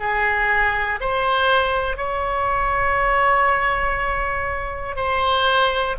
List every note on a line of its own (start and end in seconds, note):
0.00 1.00 G#4
1.00 1.97 C5
1.97 4.96 C#5
4.96 5.96 C5